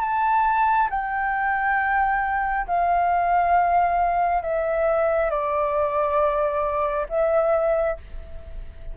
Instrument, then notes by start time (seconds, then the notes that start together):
flute
0.00 A5
0.89 G5
2.67 F5
4.42 E5
5.30 D5
7.09 E5